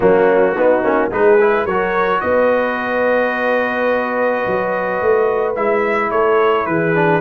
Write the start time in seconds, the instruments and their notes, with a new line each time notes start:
0.00 tuba F#3, trombone A#3, horn C#4, trumpet F#4
0.56 tuba B3, trombone B3, horn D#4
0.83 tuba A#3, trombone C#4
1.11 tuba G#3, trombone D#4, horn G#4, trumpet B4
1.40 trombone E4
1.65 tuba F#3, trombone F#4, horn A#4, trumpet C#5
2.20 tuba B3, horn B4, trumpet D#5
4.46 tuba F#3
5.01 tuba A3
5.55 tuba G#3, trombone E4, trumpet E5
6.11 tuba A3, horn A4, trumpet C#5
6.66 tuba E3, horn G#4, trumpet B4
6.94 trombone D4